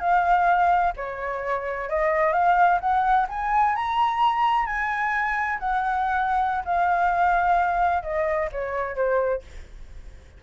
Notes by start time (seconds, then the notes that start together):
0.00 F5
0.96 C#5
1.89 D#5
2.33 F5
2.80 F#5
3.29 G#5
3.75 A#5
4.66 G#5
5.59 F#5
6.65 F5
8.03 D#5
8.52 C#5
8.95 C5